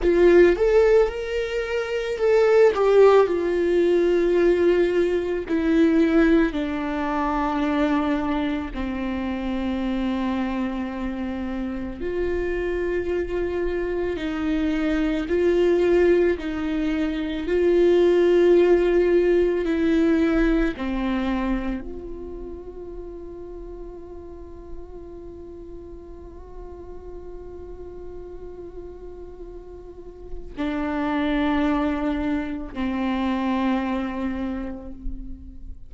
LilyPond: \new Staff \with { instrumentName = "viola" } { \time 4/4 \tempo 4 = 55 f'8 a'8 ais'4 a'8 g'8 f'4~ | f'4 e'4 d'2 | c'2. f'4~ | f'4 dis'4 f'4 dis'4 |
f'2 e'4 c'4 | f'1~ | f'1 | d'2 c'2 | }